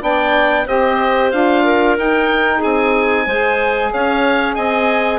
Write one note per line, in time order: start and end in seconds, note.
0.00 0.67 B3
0.00 0.65 D4
0.00 0.66 D5
0.00 0.68 G5
0.66 1.33 C4
0.66 1.32 G4
0.66 1.64 C5
0.66 1.31 D#5
1.31 1.98 D4
1.31 1.97 F4
1.31 1.96 F5
1.64 2.58 A#4
1.97 3.28 D#4
1.97 2.63 D#4
1.97 2.63 G5
2.58 3.26 C4
2.58 3.23 G#4
2.58 3.93 G#5
3.25 3.92 G#3
3.25 5.18 G#4
3.25 3.90 C5
3.93 4.57 C#4
3.93 4.56 C#5
3.93 4.55 F5
4.55 5.18 C4
4.55 5.18 D#5
4.55 5.18 G#5